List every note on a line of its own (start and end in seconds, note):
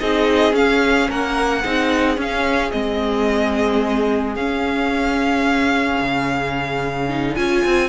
0.00 0.53 C4
0.00 0.53 D#4
0.00 1.09 G#4
0.00 0.55 D#5
0.53 1.08 C#4
0.53 1.62 C#4
0.53 1.10 F5
1.09 1.65 A#3
1.09 1.61 A#4
1.09 2.20 F#5
1.61 2.17 C4
1.61 2.17 D#4
1.61 7.89 G#4
2.17 2.71 C#4
2.17 2.72 C#4
2.17 2.71 F5
2.71 4.36 G#3
2.71 4.36 C4
2.71 4.35 D#5
4.35 6.00 C#4
4.35 7.09 C#4
4.35 7.35 F5
6.01 7.37 C#3
7.09 7.36 D#4
7.35 7.65 C#4
7.35 7.89 F4
7.35 7.89 G#5
7.65 7.89 C4